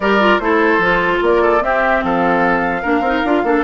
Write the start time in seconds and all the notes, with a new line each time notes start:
0.00 G3 G4 A#4 D5
0.20 F4
0.39 A3 E4 A4 C5
0.78 F3 F4
1.21 A#3 A#4 D5
1.42 A4
1.60 C4 G4 E5
2.03 F3 A4 F5
2.82 A#3 D4 A#4
3.01 C4 D#4
3.24 D4 F4
3.43 A#3 D4 A4